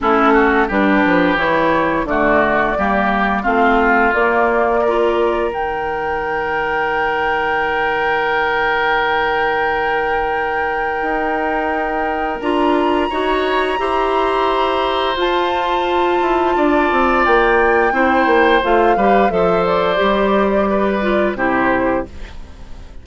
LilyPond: <<
  \new Staff \with { instrumentName = "flute" } { \time 4/4 \tempo 4 = 87 a'4 b'4 cis''4 d''4~ | d''4 f''4 d''2 | g''1~ | g''1~ |
g''2 ais''2~ | ais''2 a''2~ | a''4 g''2 f''4 | e''8 d''2~ d''8 c''4 | }
  \new Staff \with { instrumentName = "oboe" } { \time 4/4 e'8 fis'8 g'2 fis'4 | g'4 f'2 ais'4~ | ais'1~ | ais'1~ |
ais'2. cis''4 | c''1 | d''2 c''4. b'8 | c''2 b'4 g'4 | }
  \new Staff \with { instrumentName = "clarinet" } { \time 4/4 cis'4 d'4 e'4 a4 | ais4 c'4 ais4 f'4 | dis'1~ | dis'1~ |
dis'2 f'4 fis'4 | g'2 f'2~ | f'2 e'4 f'8 g'8 | a'4 g'4. f'8 e'4 | }
  \new Staff \with { instrumentName = "bassoon" } { \time 4/4 a4 g8 f8 e4 d4 | g4 a4 ais2 | dis1~ | dis1 |
dis'2 d'4 dis'4 | e'2 f'4. e'8 | d'8 c'8 ais4 c'8 ais8 a8 g8 | f4 g2 c4 | }
>>